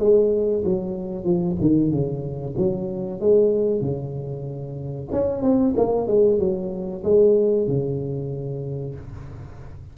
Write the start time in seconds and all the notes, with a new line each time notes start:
0.00 G#3
0.65 F#3
1.24 F3
1.61 D#3
1.91 C#3
2.58 F#3
3.21 G#3
3.82 C#3
5.12 C#4
5.43 C4
5.77 A#3
6.08 G#3
6.39 F#3
7.04 G#3
7.68 C#3